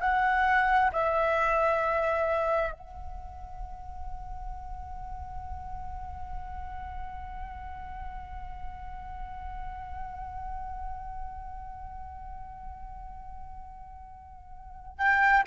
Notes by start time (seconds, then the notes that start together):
0.00 F#5
0.92 E5
2.72 F#5
14.98 G5